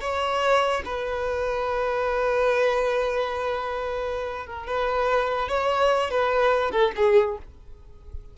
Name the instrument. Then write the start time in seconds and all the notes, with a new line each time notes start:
violin
0.00 C#5
0.85 B4
4.46 A#4
4.66 B4
5.48 C#5
6.10 B4
6.71 A4
6.96 G#4